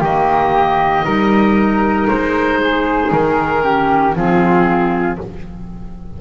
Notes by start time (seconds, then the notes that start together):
0.00 D#3 A#3 G4 D#5
1.04 G3 D#4 A#4
2.08 G#3 C5
2.60 G#4
3.11 D#3 A#4
3.62 C#4 G4
4.15 F3 C4 F4 G#4